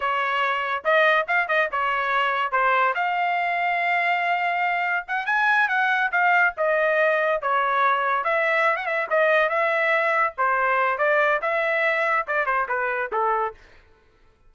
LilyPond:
\new Staff \with { instrumentName = "trumpet" } { \time 4/4 \tempo 4 = 142 cis''2 dis''4 f''8 dis''8 | cis''2 c''4 f''4~ | f''1 | fis''8 gis''4 fis''4 f''4 dis''8~ |
dis''4. cis''2 e''8~ | e''8. fis''16 e''8 dis''4 e''4.~ | e''8 c''4. d''4 e''4~ | e''4 d''8 c''8 b'4 a'4 | }